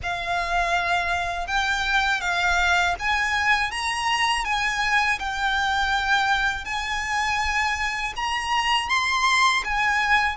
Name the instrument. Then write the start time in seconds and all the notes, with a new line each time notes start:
violin
0.02 F5
1.47 G5
2.20 F5
2.99 G#5
3.71 A#5
4.44 G#5
5.19 G5
6.65 G#5
8.16 A#5
8.89 C6
9.64 G#5